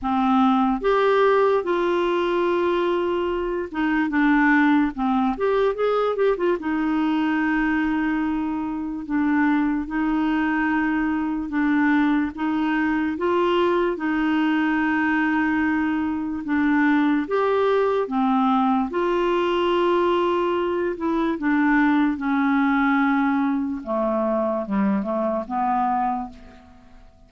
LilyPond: \new Staff \with { instrumentName = "clarinet" } { \time 4/4 \tempo 4 = 73 c'4 g'4 f'2~ | f'8 dis'8 d'4 c'8 g'8 gis'8 g'16 f'16 | dis'2. d'4 | dis'2 d'4 dis'4 |
f'4 dis'2. | d'4 g'4 c'4 f'4~ | f'4. e'8 d'4 cis'4~ | cis'4 a4 g8 a8 b4 | }